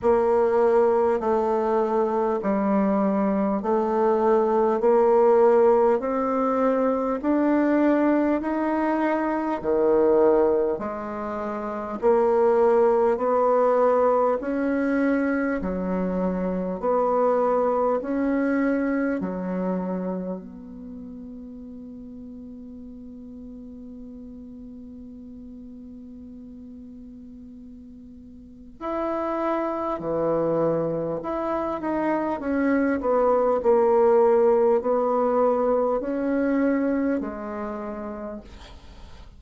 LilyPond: \new Staff \with { instrumentName = "bassoon" } { \time 4/4 \tempo 4 = 50 ais4 a4 g4 a4 | ais4 c'4 d'4 dis'4 | dis4 gis4 ais4 b4 | cis'4 fis4 b4 cis'4 |
fis4 b2.~ | b1 | e'4 e4 e'8 dis'8 cis'8 b8 | ais4 b4 cis'4 gis4 | }